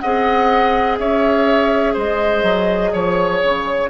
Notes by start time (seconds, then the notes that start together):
0.00 C4 G#4 D#5 F#5
0.99 C#4 C#5 E5
1.94 G#3 C5 D#5
2.43 F#3
2.94 F3 C#5
3.43 C#3